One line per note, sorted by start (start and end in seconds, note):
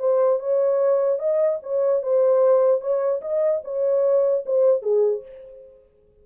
0.00 0.40 C5
0.40 1.20 C#5
1.20 1.60 D#5
1.63 2.03 C#5
2.03 2.81 C5
2.81 3.22 C#5
3.22 3.62 D#5
3.64 4.45 C#5
4.46 4.82 C5
4.82 5.23 G#4